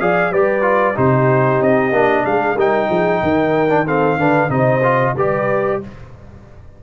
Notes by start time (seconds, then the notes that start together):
0.00 F3 G#4 D5 F5
0.30 G3 G4 B4 D5
0.62 F4
0.94 C3 D#4 G4 C5
1.60 C4 D#5
1.91 A#3 D4
2.25 G#3 G#4 F5
2.55 G3 D#4 A#4 G5
2.87 F3 G#4
3.22 D#3 A#4
3.69 D4
3.86 C4 A4 F5
4.16 D3 D4 B4
4.49 C3 D#4 C5 D#5
4.83 F4
5.15 G3 G4 B4 D5